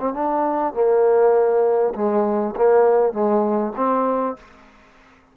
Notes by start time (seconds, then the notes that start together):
0.00 C4
0.14 D4
0.74 A#3
1.95 G#3
2.56 A#3
3.13 G#3
3.77 C4